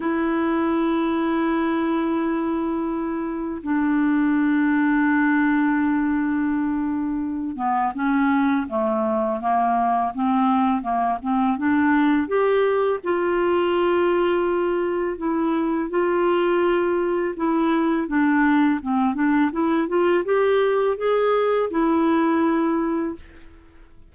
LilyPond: \new Staff \with { instrumentName = "clarinet" } { \time 4/4 \tempo 4 = 83 e'1~ | e'4 d'2.~ | d'2~ d'8 b8 cis'4 | a4 ais4 c'4 ais8 c'8 |
d'4 g'4 f'2~ | f'4 e'4 f'2 | e'4 d'4 c'8 d'8 e'8 f'8 | g'4 gis'4 e'2 | }